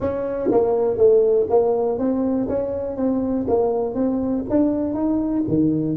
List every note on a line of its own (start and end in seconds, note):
0.00 0.50 C#4
0.51 0.97 A#3
0.97 1.47 A3
1.49 1.98 A#3
1.98 2.48 C4
2.48 2.96 C#4
2.96 3.46 C4
3.48 3.94 A#3
3.94 4.44 C4
4.49 4.93 D4
4.93 5.43 D#4
5.48 5.96 D#3